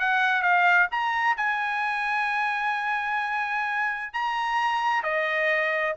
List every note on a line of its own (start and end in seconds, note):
0.00 0.42 F#5
0.42 0.88 F5
0.91 1.37 A#5
1.37 4.13 G#5
4.13 5.03 A#5
5.03 5.96 D#5